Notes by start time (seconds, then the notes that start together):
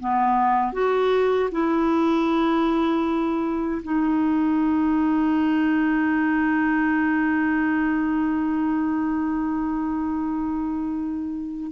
0.00 B3
0.73 F#4
1.51 E4
3.83 D#4